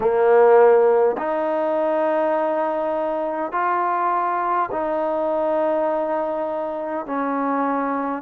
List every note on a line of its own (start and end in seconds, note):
0.00 1.16 A#3
1.17 3.51 D#4
3.51 4.69 F4
4.71 7.06 D#4
7.06 8.22 C#4